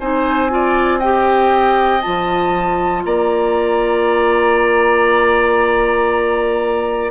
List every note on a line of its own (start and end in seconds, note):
0.00 2.04 C4
0.00 0.49 D#4
0.00 0.51 C5
0.00 1.00 G#5
0.49 1.00 F4
0.49 0.99 D5
0.99 2.01 G4
0.99 3.03 D#5
0.99 2.01 G5
2.01 3.05 F3
2.01 7.09 F4
2.01 3.03 A5
3.04 7.11 A#3
3.04 7.11 D5
3.04 7.11 A#5